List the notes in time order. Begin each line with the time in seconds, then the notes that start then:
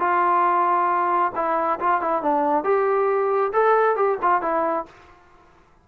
0.00 F4
1.36 E4
1.80 F4
2.02 E4
2.23 D4
2.65 G4
3.53 A4
3.97 G4
4.22 F4
4.42 E4